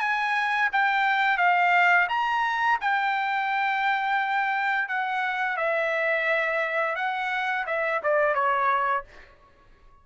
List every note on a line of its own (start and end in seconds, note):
0.00 0.70 G#5
0.73 1.38 G5
1.38 2.08 F5
2.09 2.79 A#5
2.81 4.89 G5
4.89 5.57 F#5
5.57 6.96 E5
6.96 7.66 F#5
7.66 8.01 E5
8.04 8.35 D5
8.35 9.05 C#5